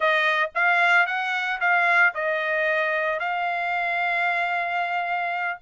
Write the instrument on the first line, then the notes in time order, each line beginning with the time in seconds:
trumpet
0.00 D#5
0.55 F5
1.06 F#5
1.60 F5
2.14 D#5
3.19 F5